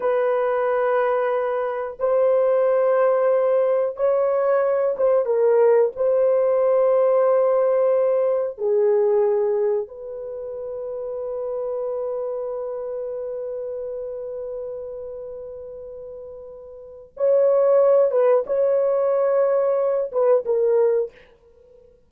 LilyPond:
\new Staff \with { instrumentName = "horn" } { \time 4/4 \tempo 4 = 91 b'2. c''4~ | c''2 cis''4. c''8 | ais'4 c''2.~ | c''4 gis'2 b'4~ |
b'1~ | b'1~ | b'2 cis''4. b'8 | cis''2~ cis''8 b'8 ais'4 | }